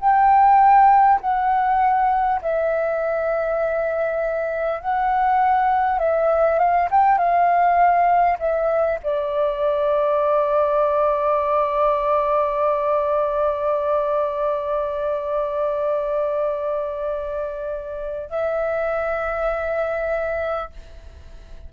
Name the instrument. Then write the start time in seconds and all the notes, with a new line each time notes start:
flute
0.00 G5
1.21 F#5
2.42 E5
4.81 F#5
5.99 E5
6.59 F5
6.91 G5
7.18 F5
8.39 E5
9.03 D5
18.30 E5